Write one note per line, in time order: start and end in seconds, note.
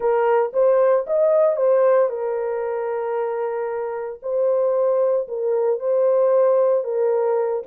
0.00 0.51 A#4
0.53 1.05 C5
1.06 1.56 D#5
1.56 2.09 C5
2.09 4.20 A#4
4.22 5.27 C5
5.28 5.79 A#4
5.79 6.83 C5
6.83 7.62 A#4